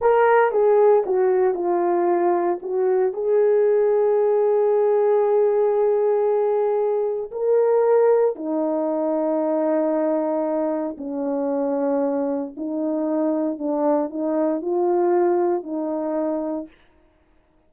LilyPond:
\new Staff \with { instrumentName = "horn" } { \time 4/4 \tempo 4 = 115 ais'4 gis'4 fis'4 f'4~ | f'4 fis'4 gis'2~ | gis'1~ | gis'2 ais'2 |
dis'1~ | dis'4 cis'2. | dis'2 d'4 dis'4 | f'2 dis'2 | }